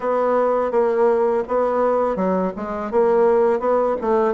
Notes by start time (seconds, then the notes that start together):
0.00 B3
0.71 A#3
1.48 B3
2.16 F#3
2.56 G#3
2.91 A#3
3.59 B3
4.01 A3